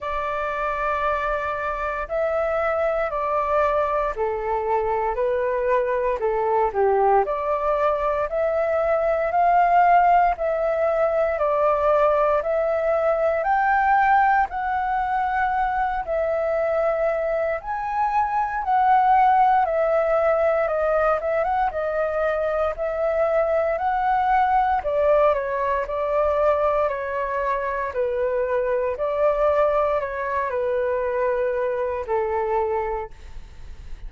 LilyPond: \new Staff \with { instrumentName = "flute" } { \time 4/4 \tempo 4 = 58 d''2 e''4 d''4 | a'4 b'4 a'8 g'8 d''4 | e''4 f''4 e''4 d''4 | e''4 g''4 fis''4. e''8~ |
e''4 gis''4 fis''4 e''4 | dis''8 e''16 fis''16 dis''4 e''4 fis''4 | d''8 cis''8 d''4 cis''4 b'4 | d''4 cis''8 b'4. a'4 | }